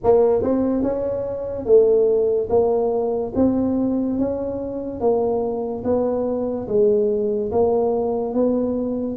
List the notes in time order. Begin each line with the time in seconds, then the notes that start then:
0.03 A#3
0.42 C4
0.83 C#4
1.65 A3
2.49 A#3
3.35 C4
4.18 C#4
5.00 A#3
5.84 B3
6.67 G#3
7.52 A#3
8.33 B3